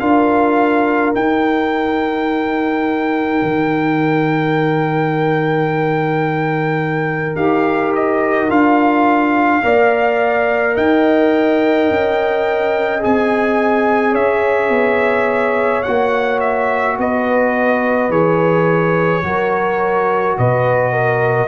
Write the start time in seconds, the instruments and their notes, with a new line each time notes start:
0.00 tuba D4, trombone F4, horn A#4, trumpet F5
1.14 trombone D#4, tuba D#4, trumpet G5
3.42 tuba D#3
7.36 tuba D#4, trombone G4, trumpet F5
7.95 trumpet D#5
8.49 tuba D4, trombone F4, trumpet F5
9.63 tuba A#3, trombone A#4, horn D5
10.76 tuba D#4, horn D#5, trumpet G5
11.91 tuba C#4
13.00 tuba C4, trombone G#4, trumpet G#5
14.12 tuba C#4, horn C#5, trumpet E5
14.70 tuba B3
15.83 tuba A#3, trombone F#4, trumpet F#5
16.40 trumpet E5
16.98 tuba B3, horn B4, trumpet D#5
18.09 tuba E3, trombone G#4, trumpet C#5
19.23 tuba F#3, trombone F#4, horn A#4
20.38 tuba B2, horn B4, trumpet D#5
20.93 horn A#4